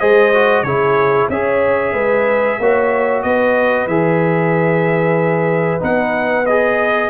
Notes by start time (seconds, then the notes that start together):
0.00 G#3 G#4 C5 D#5
0.33 F#4
0.63 C#3 E4 G#4 C#5
1.29 C#4 G#4 C#5 E5
1.93 G#3 B4
2.60 A#3 F#4 C#5
3.22 B3 B4 D#5
3.87 E3 G#4 E5
5.80 B3 D#4 F#5
6.46 G#4 D#5